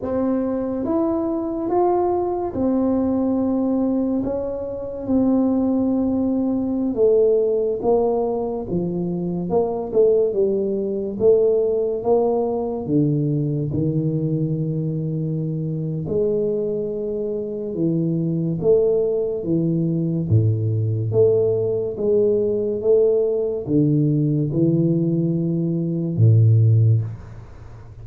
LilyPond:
\new Staff \with { instrumentName = "tuba" } { \time 4/4 \tempo 4 = 71 c'4 e'4 f'4 c'4~ | c'4 cis'4 c'2~ | c'16 a4 ais4 f4 ais8 a16~ | a16 g4 a4 ais4 d8.~ |
d16 dis2~ dis8. gis4~ | gis4 e4 a4 e4 | a,4 a4 gis4 a4 | d4 e2 a,4 | }